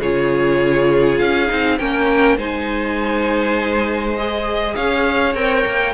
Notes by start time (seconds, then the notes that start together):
0.00 C#3 F4 G#4 C#5
1.19 C#4 F5
1.48 C4 D#4
1.78 A#3 C#4 A#4 G5
2.37 G#3 D#4 C5 G#5
4.16 G#4 D#5
4.75 C#4 C#5 F5
5.35 C4 A#4 G5
5.66 A#3